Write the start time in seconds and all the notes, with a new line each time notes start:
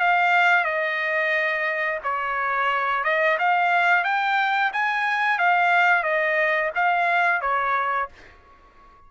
0.00 F5
0.64 D#5
2.03 C#5
3.04 D#5
3.39 F5
4.04 G5
4.73 G#5
5.38 F5
6.03 D#5
6.75 F5
7.41 C#5